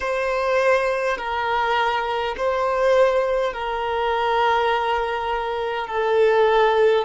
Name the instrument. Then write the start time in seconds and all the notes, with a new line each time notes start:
violin
0.00 C5
1.17 A#4
2.37 C5
3.53 A#4
5.87 A4